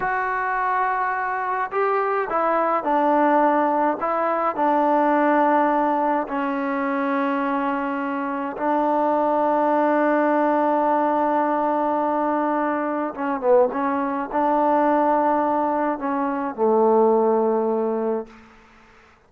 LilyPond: \new Staff \with { instrumentName = "trombone" } { \time 4/4 \tempo 4 = 105 fis'2. g'4 | e'4 d'2 e'4 | d'2. cis'4~ | cis'2. d'4~ |
d'1~ | d'2. cis'8 b8 | cis'4 d'2. | cis'4 a2. | }